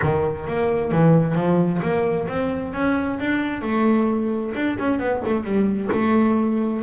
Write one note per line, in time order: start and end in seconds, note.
0.02 0.47 D#3
0.47 0.91 A#3
0.91 1.35 E3
1.35 1.80 F3
1.81 2.27 A#3
2.28 2.73 C4
2.73 3.18 C#4
3.19 3.61 D4
3.61 4.52 A3
4.55 4.77 D4
4.79 4.99 C#4
4.99 5.21 B3
5.25 5.43 A3
5.43 5.89 G3
5.91 6.82 A3